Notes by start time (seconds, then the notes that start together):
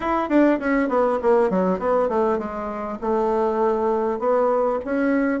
0.00 E4
0.29 D4
0.59 C#4
0.88 B3
1.22 A#3
1.50 F#3
1.79 B3
2.08 A3
2.38 G#3
3.01 A3
4.19 B3
4.84 C#4